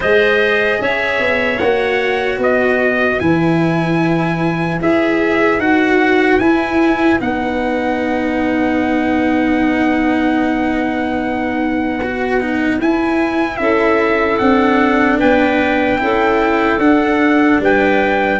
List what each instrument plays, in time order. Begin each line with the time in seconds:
0.00 tuba G#3, cello G#4, clarinet C5, trumpet D#5
0.81 tuba C#4, clarinet C#5, trumpet E5
1.19 tuba B3
1.58 tuba A#3, cello F#4, trumpet F#5
2.38 tuba B3, clarinet B4, trumpet D#5
3.19 tuba E3, cello E4, trumpet G#5
4.80 tuba E4, cello G#4, trumpet E5
5.58 tuba D#4, cello F#4, trumpet F#5
6.39 tuba E4, cello E4, trumpet G#5
7.19 tuba B3, cello D#4, trumpet F#5
12.03 cello F#4
12.40 cello D#4
12.79 tuba E4, cello E4, trumpet G#5
13.57 tuba C#4, clarinet A4, trumpet E5
14.38 tuba C4, cello D4, trumpet F#5
15.19 tuba B3, clarinet B4, trumpet G5
15.98 tuba C#4, cello E4, clarinet A4
16.78 tuba D4, cello D4, trumpet F#5
17.60 tuba G3, clarinet B4, trumpet G5